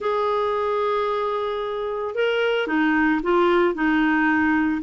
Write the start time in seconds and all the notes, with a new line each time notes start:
0.00 G#4
2.15 A#4
2.67 D#4
3.22 F4
3.74 D#4